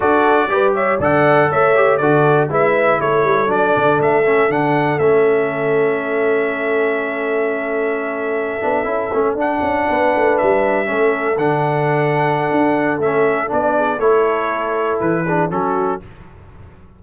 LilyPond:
<<
  \new Staff \with { instrumentName = "trumpet" } { \time 4/4 \tempo 4 = 120 d''4. e''8 fis''4 e''4 | d''4 e''4 cis''4 d''4 | e''4 fis''4 e''2~ | e''1~ |
e''2~ e''8. fis''4~ fis''16~ | fis''8. e''2 fis''4~ fis''16~ | fis''2 e''4 d''4 | cis''2 b'4 a'4 | }
  \new Staff \with { instrumentName = "horn" } { \time 4/4 a'4 b'8 cis''8 d''4 cis''4 | a'4 b'4 a'2~ | a'1~ | a'1~ |
a'2.~ a'8. b'16~ | b'4.~ b'16 a'2~ a'16~ | a'2.~ a'8 gis'8 | a'2~ a'8 gis'8 fis'4 | }
  \new Staff \with { instrumentName = "trombone" } { \time 4/4 fis'4 g'4 a'4. g'8 | fis'4 e'2 d'4~ | d'8 cis'8 d'4 cis'2~ | cis'1~ |
cis'4~ cis'16 d'8 e'8 cis'8 d'4~ d'16~ | d'4.~ d'16 cis'4 d'4~ d'16~ | d'2 cis'4 d'4 | e'2~ e'8 d'8 cis'4 | }
  \new Staff \with { instrumentName = "tuba" } { \time 4/4 d'4 g4 d4 a4 | d4 gis4 a8 g8 fis8 d8 | a4 d4 a2~ | a1~ |
a4~ a16 b8 cis'8 a8 d'8 cis'8 b16~ | b16 a8 g4 a4 d4~ d16~ | d4 d'4 a4 b4 | a2 e4 fis4 | }
>>